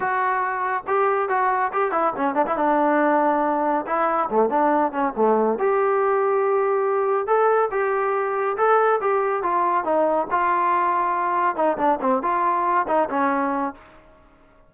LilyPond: \new Staff \with { instrumentName = "trombone" } { \time 4/4 \tempo 4 = 140 fis'2 g'4 fis'4 | g'8 e'8 cis'8 d'16 e'16 d'2~ | d'4 e'4 a8 d'4 cis'8 | a4 g'2.~ |
g'4 a'4 g'2 | a'4 g'4 f'4 dis'4 | f'2. dis'8 d'8 | c'8 f'4. dis'8 cis'4. | }